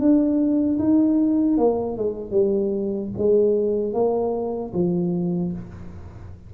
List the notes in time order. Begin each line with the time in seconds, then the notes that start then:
0.00 D4
0.79 D#4
1.58 A#3
1.98 G#3
2.31 G3
3.18 G#3
3.94 A#3
4.74 F3